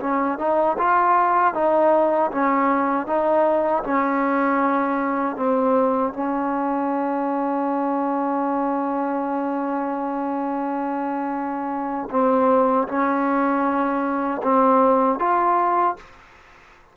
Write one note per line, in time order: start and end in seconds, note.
0.00 0.38 C#4
0.38 0.77 D#4
0.78 1.54 F4
1.54 2.31 D#4
2.31 3.06 C#4
3.06 3.83 D#4
3.84 5.36 C#4
5.36 6.13 C4
6.13 12.09 C#4
12.10 12.87 C4
12.88 14.42 C#4
14.43 15.19 C4
15.19 15.96 F4